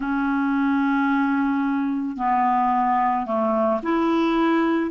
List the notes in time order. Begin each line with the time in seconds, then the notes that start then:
0.00 C#4
2.17 B3
3.25 A3
3.82 E4